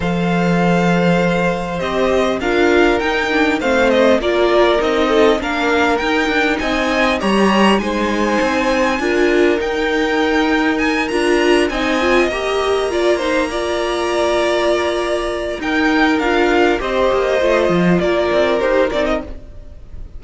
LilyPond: <<
  \new Staff \with { instrumentName = "violin" } { \time 4/4 \tempo 4 = 100 f''2. dis''4 | f''4 g''4 f''8 dis''8 d''4 | dis''4 f''4 g''4 gis''4 | ais''4 gis''2. |
g''2 gis''8 ais''4 gis''8~ | gis''8 ais''2.~ ais''8~ | ais''2 g''4 f''4 | dis''2 d''4 c''8 d''16 dis''16 | }
  \new Staff \with { instrumentName = "violin" } { \time 4/4 c''1 | ais'2 c''4 ais'4~ | ais'8 a'8 ais'2 dis''4 | cis''4 c''2 ais'4~ |
ais'2.~ ais'8 dis''8~ | dis''4. d''8 c''8 d''4.~ | d''2 ais'2 | c''2 ais'2 | }
  \new Staff \with { instrumentName = "viola" } { \time 4/4 a'2. g'4 | f'4 dis'8 d'8 c'4 f'4 | dis'4 d'4 dis'2 | g'4 dis'2 f'4 |
dis'2~ dis'8 f'4 dis'8 | f'8 g'4 f'8 dis'8 f'4.~ | f'2 dis'4 f'4 | g'4 f'2 g'8 dis'8 | }
  \new Staff \with { instrumentName = "cello" } { \time 4/4 f2. c'4 | d'4 dis'4 a4 ais4 | c'4 ais4 dis'8 d'8 c'4 | g4 gis4 c'4 d'4 |
dis'2~ dis'8 d'4 c'8~ | c'8 ais2.~ ais8~ | ais2 dis'4 d'4 | c'8 ais8 a8 f8 ais8 c'8 dis'8 c'8 | }
>>